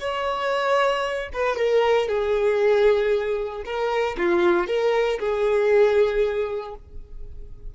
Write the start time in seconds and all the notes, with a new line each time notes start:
0.00 C#5
1.33 B4
1.57 A#4
2.09 G#4
3.65 A#4
4.18 F4
4.67 A#4
5.20 G#4